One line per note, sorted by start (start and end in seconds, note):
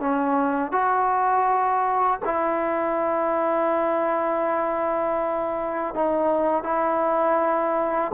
0.00 0.72 C#4
0.72 2.20 F#4
2.25 5.95 E4
5.95 6.64 D#4
6.64 8.12 E4